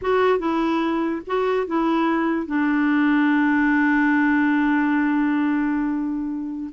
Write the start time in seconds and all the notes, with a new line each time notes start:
0.01 F#4
0.38 E4
1.26 F#4
1.67 E4
2.46 D4